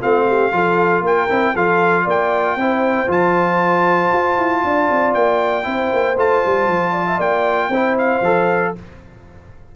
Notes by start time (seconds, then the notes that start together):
0.00 A3 C4 F4 F5
0.27 G4
0.52 F3 F4 A4
1.01 A#3 A#4 G5
1.29 C4 E4
1.54 F3 F4 A4 F5
2.04 A#3 D5 G5
2.56 C4 E4 C5
3.07 F3 F4 A5
4.13 F4
4.37 E4
4.64 D4 D5
4.91 C4
5.13 A#3 G5
5.63 C4 E4 C5
5.93 A#3
6.17 A3 F4 A5
6.45 G3
6.67 F3
6.92 D5
7.06 E5
7.18 A#3 D5 G5
7.69 C4 E4 C5
7.98 F5
8.21 F3 A4